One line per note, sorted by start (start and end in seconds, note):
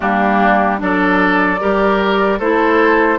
0.00 0.81 G3
0.00 0.78 A#3
0.00 0.79 D4
0.00 0.80 G4
0.78 1.61 F#3
0.78 1.58 D4
0.78 1.60 A4
0.78 2.40 D5
1.59 2.39 G3
1.59 2.39 G4
1.59 2.39 A#4
2.39 3.19 A3
2.39 3.19 E4
2.39 3.19 A4
2.39 3.19 C5